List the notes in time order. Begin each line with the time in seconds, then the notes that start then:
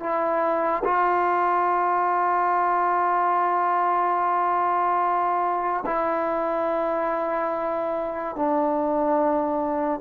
0.00 E4
0.84 F4
5.86 E4
8.36 D4